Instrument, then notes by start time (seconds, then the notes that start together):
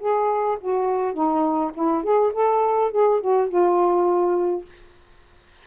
saxophone
0.00 G#4
0.61 F#4
1.14 D#4
1.75 E4
2.04 G#4
2.34 A4
2.92 G#4
3.21 F#4
3.49 F4